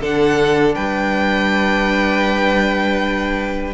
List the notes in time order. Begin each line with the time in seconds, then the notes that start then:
0.00 D3 D4 A4 F#5
0.75 G3 B4 G5